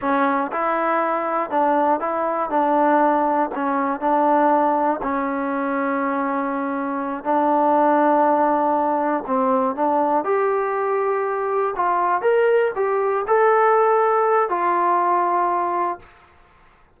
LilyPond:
\new Staff \with { instrumentName = "trombone" } { \time 4/4 \tempo 4 = 120 cis'4 e'2 d'4 | e'4 d'2 cis'4 | d'2 cis'2~ | cis'2~ cis'8 d'4.~ |
d'2~ d'8 c'4 d'8~ | d'8 g'2. f'8~ | f'8 ais'4 g'4 a'4.~ | a'4 f'2. | }